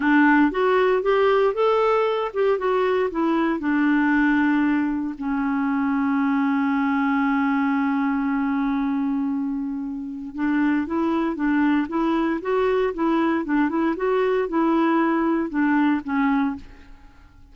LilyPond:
\new Staff \with { instrumentName = "clarinet" } { \time 4/4 \tempo 4 = 116 d'4 fis'4 g'4 a'4~ | a'8 g'8 fis'4 e'4 d'4~ | d'2 cis'2~ | cis'1~ |
cis'1 | d'4 e'4 d'4 e'4 | fis'4 e'4 d'8 e'8 fis'4 | e'2 d'4 cis'4 | }